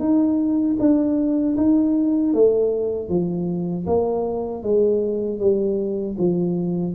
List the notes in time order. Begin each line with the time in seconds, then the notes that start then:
0.00 D#4
0.79 D4
1.57 D#4
2.34 A3
3.09 F3
3.87 A#3
4.63 G#3
5.40 G3
6.18 F3